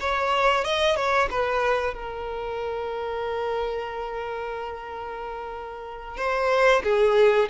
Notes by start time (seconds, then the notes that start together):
0.00 C#5
0.64 D#5
0.96 C#5
1.30 B4
1.94 A#4
6.17 C5
6.84 G#4